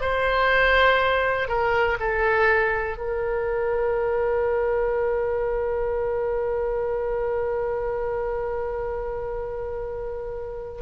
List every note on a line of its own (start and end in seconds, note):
0.00 1.48 C5
1.48 1.97 A#4
1.99 2.97 A4
2.97 10.82 A#4